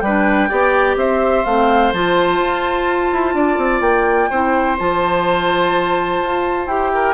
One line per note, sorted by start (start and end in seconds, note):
0.00 0.49 G3
0.00 0.49 B4
0.00 0.95 G5
0.07 0.50 D4
0.49 0.96 B3
0.49 1.45 G4
0.49 0.97 D5
0.96 1.44 C4
0.96 3.35 C5
0.96 1.45 E5
1.45 1.93 A3
1.45 1.94 C4
1.45 1.92 F5
1.93 2.39 F3
1.93 4.32 F4
1.93 3.81 A5
2.39 3.11 F4
3.12 3.34 E4
3.34 3.58 D4
3.34 4.30 D5
3.58 3.81 C4
3.81 4.28 A#3
3.81 4.77 G5
4.30 4.79 C4
4.30 4.78 E4
4.30 6.92 C5
4.78 6.22 F3
4.78 6.68 F4
4.78 6.67 A5
6.22 6.67 F4
6.67 7.14 E4
6.67 7.14 G4
6.67 7.14 G5
6.94 7.14 A#4